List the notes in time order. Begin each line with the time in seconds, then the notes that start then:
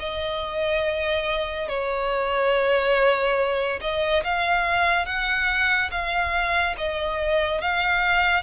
0.00 D#5
1.69 C#5
3.81 D#5
4.24 F5
5.06 F#5
5.92 F5
6.78 D#5
7.61 F5